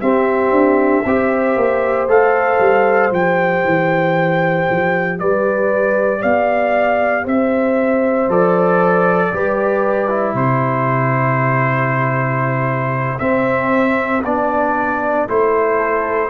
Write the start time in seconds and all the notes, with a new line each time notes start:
0.00 C4 G4 E5
0.51 D4
1.05 C4 G4 C5
1.56 A#3
2.07 A3 A4 F5
2.60 G3
3.11 F3 G4 G5
3.64 E3
4.70 F3
5.19 G3 B4 D5
6.20 B3 D5 F5
7.24 C4 C5 E5
8.28 F3 A4 D5
9.32 G3 G4 B4
10.09 E4
10.34 C3 G4 C5
13.19 C4 E5
14.24 B3 D4 D5
15.28 A3 E4 C5
15.77 A4